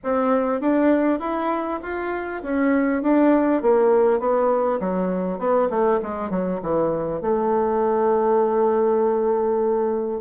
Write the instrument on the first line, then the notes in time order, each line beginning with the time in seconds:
bassoon
0.03 C4
0.61 D4
1.19 E4
1.82 F4
2.42 C#4
3.02 D4
3.62 A#3
4.19 B3
4.79 F#3
5.38 B3
5.70 A3
6.02 G#3
6.30 F#3
6.62 E3
7.21 A3